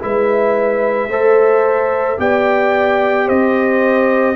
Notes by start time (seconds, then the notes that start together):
0.00 G#3 E4 B4 E5
1.08 A3 A4 C5
2.18 B3 G4 D5 G5
3.27 C4 C5 D#5